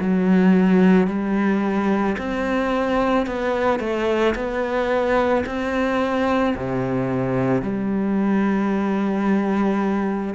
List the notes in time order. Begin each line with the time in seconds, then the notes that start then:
0.00 F#3
1.08 G3
2.18 C4
3.27 B3
3.80 A3
4.35 B3
5.46 C4
6.56 C3
7.62 G3